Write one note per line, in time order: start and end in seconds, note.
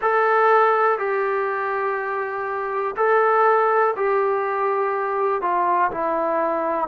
0.01 0.98 A4
0.98 2.95 G4
2.96 3.94 A4
3.96 5.41 G4
5.41 5.90 F4
5.91 6.88 E4